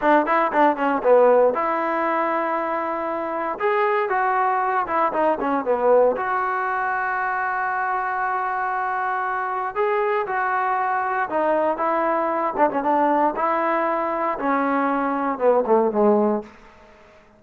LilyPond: \new Staff \with { instrumentName = "trombone" } { \time 4/4 \tempo 4 = 117 d'8 e'8 d'8 cis'8 b4 e'4~ | e'2. gis'4 | fis'4. e'8 dis'8 cis'8 b4 | fis'1~ |
fis'2. gis'4 | fis'2 dis'4 e'4~ | e'8 d'16 cis'16 d'4 e'2 | cis'2 b8 a8 gis4 | }